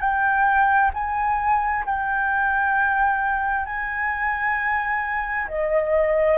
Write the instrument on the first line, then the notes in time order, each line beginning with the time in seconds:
flute
0.00 G5
0.94 G#5
1.85 G5
3.66 G#5
5.48 D#5